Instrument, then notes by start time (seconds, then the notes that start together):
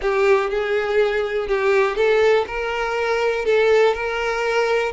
violin
0.01 G4
0.49 G#4
1.48 G4
1.96 A4
2.47 A#4
3.45 A4
3.94 A#4